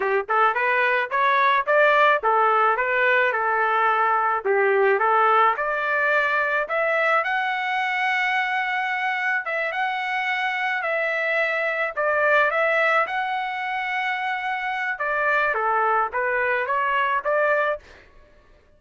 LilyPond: \new Staff \with { instrumentName = "trumpet" } { \time 4/4 \tempo 4 = 108 g'8 a'8 b'4 cis''4 d''4 | a'4 b'4 a'2 | g'4 a'4 d''2 | e''4 fis''2.~ |
fis''4 e''8 fis''2 e''8~ | e''4. d''4 e''4 fis''8~ | fis''2. d''4 | a'4 b'4 cis''4 d''4 | }